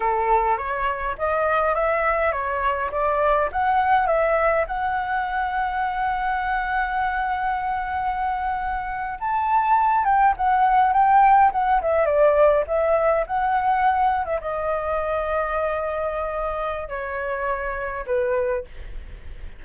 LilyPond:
\new Staff \with { instrumentName = "flute" } { \time 4/4 \tempo 4 = 103 a'4 cis''4 dis''4 e''4 | cis''4 d''4 fis''4 e''4 | fis''1~ | fis''2.~ fis''8. a''16~ |
a''4~ a''16 g''8 fis''4 g''4 fis''16~ | fis''16 e''8 d''4 e''4 fis''4~ fis''16~ | fis''8 e''16 dis''2.~ dis''16~ | dis''4 cis''2 b'4 | }